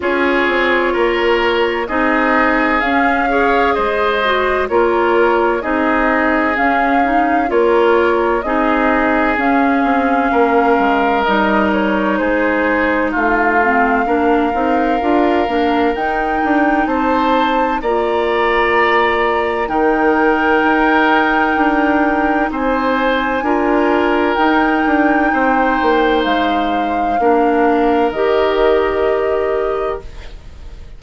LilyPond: <<
  \new Staff \with { instrumentName = "flute" } { \time 4/4 \tempo 4 = 64 cis''2 dis''4 f''4 | dis''4 cis''4 dis''4 f''4 | cis''4 dis''4 f''2 | dis''8 cis''8 c''4 f''2~ |
f''4 g''4 a''4 ais''4~ | ais''4 g''2. | gis''2 g''2 | f''2 dis''2 | }
  \new Staff \with { instrumentName = "oboe" } { \time 4/4 gis'4 ais'4 gis'4. cis''8 | c''4 ais'4 gis'2 | ais'4 gis'2 ais'4~ | ais'4 gis'4 f'4 ais'4~ |
ais'2 c''4 d''4~ | d''4 ais'2. | c''4 ais'2 c''4~ | c''4 ais'2. | }
  \new Staff \with { instrumentName = "clarinet" } { \time 4/4 f'2 dis'4 cis'8 gis'8~ | gis'8 fis'8 f'4 dis'4 cis'8 dis'8 | f'4 dis'4 cis'2 | dis'2~ dis'8 c'8 d'8 dis'8 |
f'8 d'8 dis'2 f'4~ | f'4 dis'2.~ | dis'4 f'4 dis'2~ | dis'4 d'4 g'2 | }
  \new Staff \with { instrumentName = "bassoon" } { \time 4/4 cis'8 c'8 ais4 c'4 cis'4 | gis4 ais4 c'4 cis'4 | ais4 c'4 cis'8 c'8 ais8 gis8 | g4 gis4 a4 ais8 c'8 |
d'8 ais8 dis'8 d'8 c'4 ais4~ | ais4 dis4 dis'4 d'4 | c'4 d'4 dis'8 d'8 c'8 ais8 | gis4 ais4 dis2 | }
>>